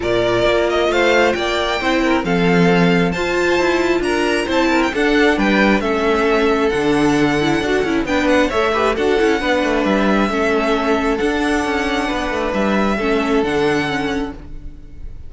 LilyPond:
<<
  \new Staff \with { instrumentName = "violin" } { \time 4/4 \tempo 4 = 134 d''4. dis''8 f''4 g''4~ | g''4 f''2 a''4~ | a''4 ais''4 a''8. g''16 fis''4 | g''4 e''2 fis''4~ |
fis''2 g''8 fis''8 e''4 | fis''2 e''2~ | e''4 fis''2. | e''2 fis''2 | }
  \new Staff \with { instrumentName = "violin" } { \time 4/4 ais'2 c''4 d''4 | c''8 ais'8 a'2 c''4~ | c''4 ais'4 c''8 ais'8 a'4 | b'4 a'2.~ |
a'2 b'4 cis''8 b'8 | a'4 b'2 a'4~ | a'2. b'4~ | b'4 a'2. | }
  \new Staff \with { instrumentName = "viola" } { \time 4/4 f'1 | e'4 c'2 f'4~ | f'2 e'4 d'4~ | d'4 cis'2 d'4~ |
d'8 e'8 fis'8 e'8 d'4 a'8 g'8 | fis'8 e'8 d'2 cis'4~ | cis'4 d'2.~ | d'4 cis'4 d'4 cis'4 | }
  \new Staff \with { instrumentName = "cello" } { \time 4/4 ais,4 ais4 a4 ais4 | c'4 f2 f'4 | e'4 d'4 c'4 d'4 | g4 a2 d4~ |
d4 d'8 cis'8 b4 a4 | d'8 cis'8 b8 a8 g4 a4~ | a4 d'4 cis'4 b8 a8 | g4 a4 d2 | }
>>